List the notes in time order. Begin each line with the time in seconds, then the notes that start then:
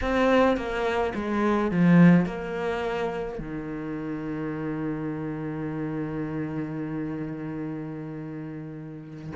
0.01 C4
0.57 A#3
1.14 G#3
1.71 F3
2.25 A#3
3.38 D#3